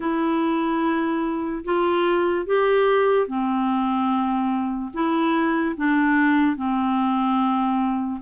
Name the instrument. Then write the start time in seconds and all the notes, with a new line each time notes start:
clarinet
0.00 E4
1.64 F4
2.46 G4
3.27 C4
4.93 E4
5.76 D4
6.56 C4